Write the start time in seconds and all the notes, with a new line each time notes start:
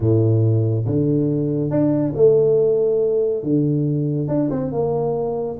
0.00 A2
0.85 D3
1.70 D4
2.15 A3
3.43 D3
4.28 D4
4.50 C4
4.72 A#3